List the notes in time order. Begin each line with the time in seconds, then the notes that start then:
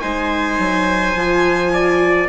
0.00 G#3 D#4 C5 G#5
0.58 F#3
1.15 F3 F4
1.73 D5